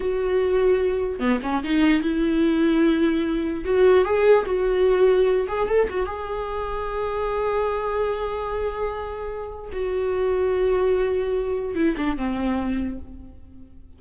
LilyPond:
\new Staff \with { instrumentName = "viola" } { \time 4/4 \tempo 4 = 148 fis'2. b8 cis'8 | dis'4 e'2.~ | e'4 fis'4 gis'4 fis'4~ | fis'4. gis'8 a'8 fis'8 gis'4~ |
gis'1~ | gis'1 | fis'1~ | fis'4 e'8 d'8 c'2 | }